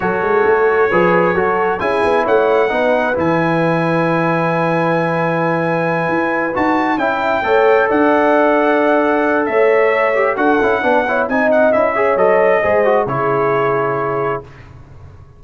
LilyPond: <<
  \new Staff \with { instrumentName = "trumpet" } { \time 4/4 \tempo 4 = 133 cis''1 | gis''4 fis''2 gis''4~ | gis''1~ | gis''2~ gis''8 a''4 g''8~ |
g''4. fis''2~ fis''8~ | fis''4 e''2 fis''4~ | fis''4 gis''8 fis''8 e''4 dis''4~ | dis''4 cis''2. | }
  \new Staff \with { instrumentName = "horn" } { \time 4/4 a'2 b'4 a'4 | gis'4 cis''4 b'2~ | b'1~ | b'2.~ b'8 e''8~ |
e''8 cis''4 d''2~ d''8~ | d''4 cis''2 a'4 | b'8 cis''8 dis''4. cis''4. | c''4 gis'2. | }
  \new Staff \with { instrumentName = "trombone" } { \time 4/4 fis'2 gis'4 fis'4 | e'2 dis'4 e'4~ | e'1~ | e'2~ e'8 fis'4 e'8~ |
e'8 a'2.~ a'8~ | a'2~ a'8 g'8 fis'8 e'8 | d'8 e'8 dis'4 e'8 gis'8 a'4 | gis'8 fis'8 e'2. | }
  \new Staff \with { instrumentName = "tuba" } { \time 4/4 fis8 gis8 a4 f4 fis4 | cis'8 b8 a4 b4 e4~ | e1~ | e4. e'4 dis'4 cis'8~ |
cis'8 a4 d'2~ d'8~ | d'4 a2 d'8 cis'8 | b4 c'4 cis'4 fis4 | gis4 cis2. | }
>>